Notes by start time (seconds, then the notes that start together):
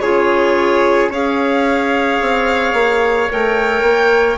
0.00 C#3 F4 G#4 C#5
1.09 C#4 G#4 C#5 F5
2.21 C4
2.73 A#3
3.29 A3 A#4 G5
3.82 A#3